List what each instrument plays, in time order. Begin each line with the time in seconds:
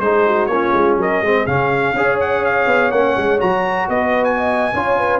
0.00 tuba G#3, trombone D#4, horn G#4, trumpet C5
0.27 horn F#4
0.46 tuba A#3, trombone C#4, horn F4, trumpet C#5
0.73 tuba G#3
0.97 tuba F#3, horn A#4, trumpet D#5
1.22 tuba G#3, trombone C4, horn G#4
1.47 tuba C#3, trombone C#4, trumpet F5
1.94 tuba C#4, trombone G#4, horn C#5
2.21 trumpet F#5
2.45 trumpet F5
2.67 tuba B3
2.92 tuba A#3, trombone C#4, trumpet F#5
3.17 tuba G#3
3.39 tuba F#3, trombone F#4, trumpet A#5
3.88 tuba B3, horn B4, trumpet D#5
4.24 trumpet G#5
4.37 horn D#5
4.74 tuba C#4, trombone F4, horn C#5
4.98 horn B4